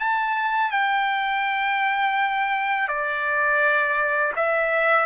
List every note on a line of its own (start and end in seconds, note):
0.00 0.72 A5
0.72 2.88 G5
2.88 4.33 D5
4.36 5.06 E5